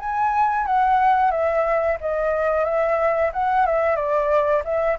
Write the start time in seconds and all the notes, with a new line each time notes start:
0.00 G#5
0.67 F#5
1.32 E5
2.01 D#5
2.65 E5
3.34 F#5
3.67 E5
3.96 D5
4.65 E5